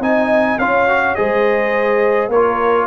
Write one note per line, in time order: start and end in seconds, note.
0.00 0.57 C4
0.00 0.59 D#4
0.00 0.60 D#5
0.00 0.59 G#5
0.58 1.15 C#4
0.58 0.88 F4
0.58 1.17 C#5
0.58 1.15 F5
0.88 1.16 F#4
1.15 2.28 G#3
1.15 2.30 G#4
1.15 2.30 C5
1.15 2.29 D#5
2.28 2.85 A#3
2.28 2.87 A#4
2.28 2.87 C#5
2.35 2.87 F4